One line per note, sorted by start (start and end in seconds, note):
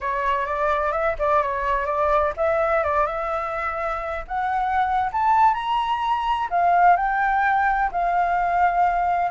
0.00 0.46 C#5
0.46 0.92 D5
0.92 1.15 E5
1.18 1.42 D5
1.42 1.85 C#5
1.85 2.33 D5
2.36 2.83 E5
2.83 3.06 D5
3.06 4.24 E5
4.27 5.10 F#5
5.12 5.54 A5
5.54 6.48 A#5
6.50 6.96 F5
6.96 7.90 G5
7.91 9.31 F5